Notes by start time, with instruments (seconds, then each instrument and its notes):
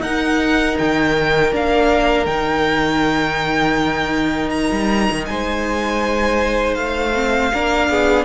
0.00 cello D#4, viola D#4, violin A#4 F#5
0.78 cello D#3, violin G5
1.51 cello A#3, viola D4, violin F5
2.25 cello D#3, viola D#4, violin G5
4.49 violin A#5
4.71 cello G3
5.11 cello D#3
5.25 cello G#3, violin C5 G#5
6.74 cello A3, violin F5
7.14 viola C4
7.52 cello A#3, viola D4, violin A#4
7.89 cello B3, violin G#4